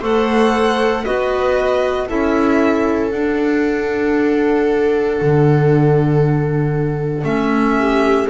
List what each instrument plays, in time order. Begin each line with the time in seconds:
0.00 double bass A3, clarinet A4, viola C5, violin F#5
1.04 double bass B3, clarinet F#4, viola B4, violin D#5
2.08 double bass C#4, clarinet E4, viola A4, violin E5
3.11 clarinet D4, double bass D4, violin F#5
5.22 double bass D3
7.24 double bass A3, clarinet C#4, violin E5
7.79 viola G4